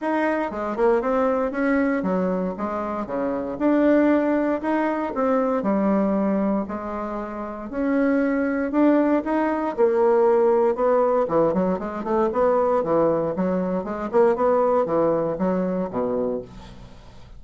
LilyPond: \new Staff \with { instrumentName = "bassoon" } { \time 4/4 \tempo 4 = 117 dis'4 gis8 ais8 c'4 cis'4 | fis4 gis4 cis4 d'4~ | d'4 dis'4 c'4 g4~ | g4 gis2 cis'4~ |
cis'4 d'4 dis'4 ais4~ | ais4 b4 e8 fis8 gis8 a8 | b4 e4 fis4 gis8 ais8 | b4 e4 fis4 b,4 | }